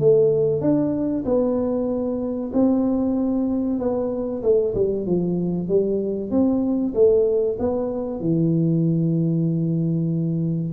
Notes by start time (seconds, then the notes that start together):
0.00 A3
0.61 D4
1.25 B3
2.53 C4
3.79 B3
4.43 A3
4.75 G3
5.07 F3
5.68 G3
6.31 C4
6.95 A3
7.60 B3
8.21 E3